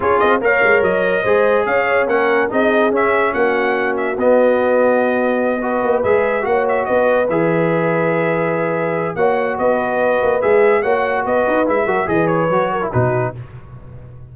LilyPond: <<
  \new Staff \with { instrumentName = "trumpet" } { \time 4/4 \tempo 4 = 144 cis''8 dis''8 f''4 dis''2 | f''4 fis''4 dis''4 e''4 | fis''4. e''8 dis''2~ | dis''2~ dis''8 e''4 fis''8 |
e''8 dis''4 e''2~ e''8~ | e''2 fis''4 dis''4~ | dis''4 e''4 fis''4 dis''4 | e''4 dis''8 cis''4. b'4 | }
  \new Staff \with { instrumentName = "horn" } { \time 4/4 gis'4 cis''2 c''4 | cis''4 ais'4 gis'2 | fis'1~ | fis'4. b'2 cis''8~ |
cis''8 b'2.~ b'8~ | b'2 cis''4 b'4~ | b'2 cis''4 b'4~ | b'8 ais'8 b'4. ais'8 fis'4 | }
  \new Staff \with { instrumentName = "trombone" } { \time 4/4 f'4 ais'2 gis'4~ | gis'4 cis'4 dis'4 cis'4~ | cis'2 b2~ | b4. fis'4 gis'4 fis'8~ |
fis'4. gis'2~ gis'8~ | gis'2 fis'2~ | fis'4 gis'4 fis'2 | e'8 fis'8 gis'4 fis'8. e'16 dis'4 | }
  \new Staff \with { instrumentName = "tuba" } { \time 4/4 cis'8 c'8 ais8 gis8 fis4 gis4 | cis'4 ais4 c'4 cis'4 | ais2 b2~ | b2 ais8 gis4 ais8~ |
ais8 b4 e2~ e8~ | e2 ais4 b4~ | b8 ais8 gis4 ais4 b8 dis'8 | gis8 fis8 e4 fis4 b,4 | }
>>